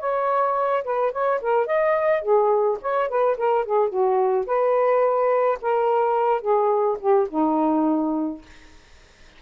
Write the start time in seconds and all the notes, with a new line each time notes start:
0.00 C#5
0.84 B4
1.12 C#5
1.41 A#4
1.67 D#5
2.22 G#4
2.82 C#5
3.09 B4
3.38 A#4
3.66 G#4
3.89 F#4
4.47 B4
5.62 A#4
6.42 G#4
7.00 G4
7.30 D#4